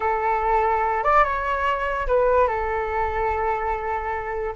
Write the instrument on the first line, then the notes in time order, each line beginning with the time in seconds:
flute
0.00 A4
1.03 D5
1.24 C#5
2.07 B4
2.47 A4